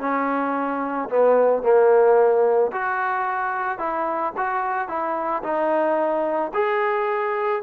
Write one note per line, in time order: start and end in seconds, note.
0.00 1.09 C#4
1.10 1.63 B3
1.63 2.72 A#3
2.72 3.79 F#4
3.79 4.33 E4
4.37 4.88 F#4
4.88 5.43 E4
5.43 6.52 D#4
6.54 7.63 G#4